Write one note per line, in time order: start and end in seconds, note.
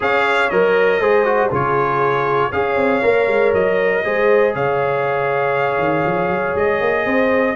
0.00 0.51 C#4
0.00 0.50 G#4
0.00 1.01 C#5
0.00 0.49 F5
0.49 1.00 F#3
0.49 1.01 A#4
0.49 1.50 D#5
1.00 1.50 G#3
1.00 1.24 G#4
1.00 1.50 C5
1.24 1.50 F#4
1.50 2.52 C#3
1.50 2.51 F4
1.50 2.51 G#4
1.50 2.52 C#5
2.52 2.75 C#4
2.52 3.02 G#4
2.52 4.03 C#5
2.52 3.53 F5
2.75 3.01 C4
3.02 3.27 A#3
3.02 4.03 A#4
3.27 3.52 G#3
3.53 4.03 F#3
3.53 4.54 D#5
4.04 4.55 G#3
4.04 7.55 G#4
4.04 4.54 C5
4.55 5.78 C#3
4.55 7.05 C#5
4.55 6.56 F5
5.78 6.03 D#3
6.06 6.29 F3
6.29 6.54 F#3
6.55 6.80 G#3
6.55 7.55 D#5
6.80 7.05 A#3
7.05 7.55 C4
7.05 7.55 C5